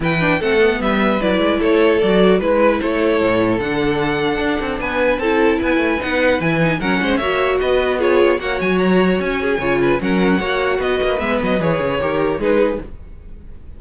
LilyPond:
<<
  \new Staff \with { instrumentName = "violin" } { \time 4/4 \tempo 4 = 150 g''4 fis''4 e''4 d''4 | cis''4 d''4 b'4 cis''4~ | cis''4 fis''2. | gis''4 a''4 gis''4 fis''4 |
gis''4 fis''4 e''4 dis''4 | cis''4 fis''8 gis''8 ais''4 gis''4~ | gis''4 fis''2 dis''4 | e''8 dis''8 cis''2 b'4 | }
  \new Staff \with { instrumentName = "violin" } { \time 4/4 b'4 a'4 b'2 | a'2 b'4 a'4~ | a'1 | b'4 a'4 b'2~ |
b'4 ais'8 c''8 cis''4 b'4 | gis'4 cis''2~ cis''8 gis'8 | cis''8 b'8 ais'4 cis''4 b'4~ | b'2 ais'4 gis'4 | }
  \new Staff \with { instrumentName = "viola" } { \time 4/4 e'8 d'8 c'8 b4. e'4~ | e'4 fis'4 e'2~ | e'4 d'2.~ | d'4 e'2 dis'4 |
e'8 dis'8 cis'4 fis'2 | f'4 fis'2. | f'4 cis'4 fis'2 | b4 gis'4 g'4 dis'4 | }
  \new Staff \with { instrumentName = "cello" } { \time 4/4 e4 a4 g4 fis8 gis8 | a4 fis4 gis4 a4 | a,4 d2 d'8 c'8 | b4 c'4 b8 a8 b4 |
e4 fis8 gis8 ais4 b4~ | b4 ais8 fis4. cis'4 | cis4 fis4 ais4 b8 ais8 | gis8 fis8 e8 cis8 dis4 gis4 | }
>>